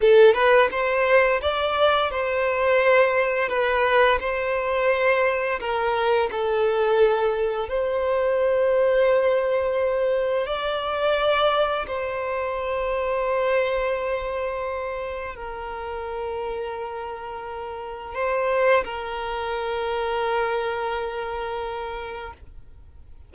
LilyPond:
\new Staff \with { instrumentName = "violin" } { \time 4/4 \tempo 4 = 86 a'8 b'8 c''4 d''4 c''4~ | c''4 b'4 c''2 | ais'4 a'2 c''4~ | c''2. d''4~ |
d''4 c''2.~ | c''2 ais'2~ | ais'2 c''4 ais'4~ | ais'1 | }